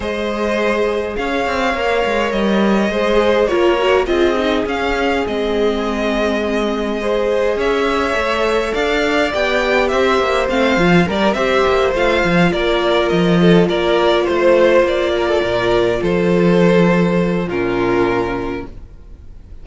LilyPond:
<<
  \new Staff \with { instrumentName = "violin" } { \time 4/4 \tempo 4 = 103 dis''2 f''2 | dis''2 cis''4 dis''4 | f''4 dis''2.~ | dis''4 e''2 f''4 |
g''4 e''4 f''4 d''8 e''8~ | e''8 f''4 d''4 dis''4 d''8~ | d''8 c''4 d''2 c''8~ | c''2 ais'2 | }
  \new Staff \with { instrumentName = "violin" } { \time 4/4 c''2 cis''2~ | cis''4 c''4 ais'4 gis'4~ | gis'1 | c''4 cis''2 d''4~ |
d''4 c''2 ais'8 c''8~ | c''4. ais'4. a'8 ais'8~ | ais'8 c''4. ais'16 a'16 ais'4 a'8~ | a'2 f'2 | }
  \new Staff \with { instrumentName = "viola" } { \time 4/4 gis'2. ais'4~ | ais'4 gis'4 f'8 fis'8 f'8 dis'8 | cis'4 c'2. | gis'2 a'2 |
g'2 c'8 f'8 ais'8 g'8~ | g'8 f'2.~ f'8~ | f'1~ | f'2 cis'2 | }
  \new Staff \with { instrumentName = "cello" } { \time 4/4 gis2 cis'8 c'8 ais8 gis8 | g4 gis4 ais4 c'4 | cis'4 gis2.~ | gis4 cis'4 a4 d'4 |
b4 c'8 ais8 a8 f8 g8 c'8 | ais8 a8 f8 ais4 f4 ais8~ | ais8 a4 ais4 ais,4 f8~ | f2 ais,2 | }
>>